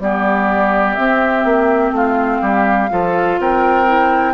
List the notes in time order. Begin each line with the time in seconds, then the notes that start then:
0.00 G3 B3 G4 D5
0.95 C4 E5
1.44 A#3
1.91 A3 F4 F5
2.41 G3 G4
2.90 F3 F4 A4
3.39 C4 A#4 G5
3.86 E4